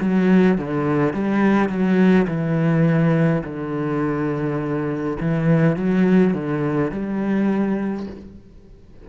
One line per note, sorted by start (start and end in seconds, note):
0.00 0.58 F#3
0.58 1.13 D3
1.13 1.69 G3
1.69 2.27 F#3
2.28 3.43 E3
3.44 5.17 D3
5.21 5.76 E3
5.76 6.34 F#3
6.34 6.91 D3
6.91 8.07 G3